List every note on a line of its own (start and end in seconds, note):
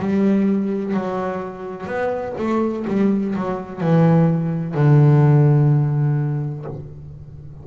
0.00 0.94 G3
0.94 1.87 F#3
1.87 2.34 B3
2.38 2.86 A3
2.87 3.35 G3
3.35 3.81 F#3
3.81 4.75 E3
4.75 6.65 D3